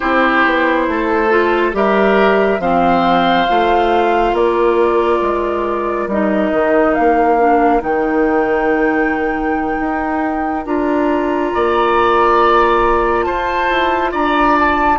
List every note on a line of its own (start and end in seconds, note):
0.00 0.45 C4
0.00 1.28 E4
0.00 0.86 G4
0.00 1.72 C5
0.45 0.88 B3
0.88 1.73 A3
0.88 1.76 A4
1.29 1.72 F4
1.72 2.59 G3
1.72 2.59 G4
1.72 2.61 A#4
1.72 2.61 E5
2.59 3.46 F3
2.59 3.47 C4
2.59 4.35 C5
2.59 4.35 F5
3.48 4.32 A3
3.48 6.09 F4
4.32 5.19 A#3
4.32 11.52 A#4
4.32 6.09 D5
5.21 6.07 G#3
6.07 6.50 G3
6.07 7.38 D#4
6.07 6.94 D#5
6.53 6.96 D#3
6.94 7.82 A#3
6.94 7.81 F5
7.38 7.80 D4
7.80 9.78 D#3
7.80 10.62 D#4
7.80 10.64 G5
9.80 10.65 D#4
10.64 11.52 D4
10.64 14.99 F4
10.64 13.23 A#5
11.53 13.26 A#3
11.53 13.26 D5
13.23 13.70 F4
13.23 14.11 C5
13.23 14.10 A5
13.70 14.13 E4
14.11 14.99 D4
14.11 14.98 D5
14.11 14.57 A#5
14.59 14.99 A5